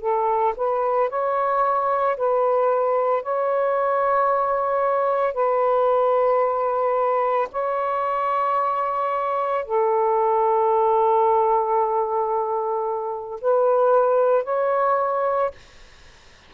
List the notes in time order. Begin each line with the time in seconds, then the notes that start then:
0.00 A4
0.56 B4
1.09 C#5
2.17 B4
3.22 C#5
5.33 B4
7.51 C#5
9.65 A4
13.41 B4
14.44 C#5